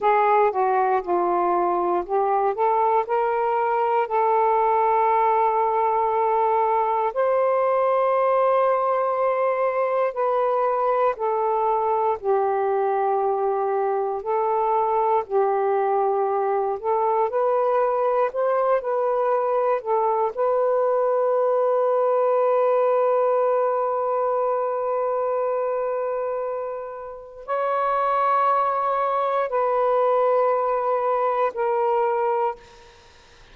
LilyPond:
\new Staff \with { instrumentName = "saxophone" } { \time 4/4 \tempo 4 = 59 gis'8 fis'8 f'4 g'8 a'8 ais'4 | a'2. c''4~ | c''2 b'4 a'4 | g'2 a'4 g'4~ |
g'8 a'8 b'4 c''8 b'4 a'8 | b'1~ | b'2. cis''4~ | cis''4 b'2 ais'4 | }